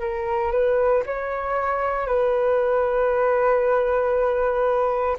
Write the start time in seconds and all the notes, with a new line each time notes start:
0.00 A#4
0.52 B4
1.06 C#5
2.07 B4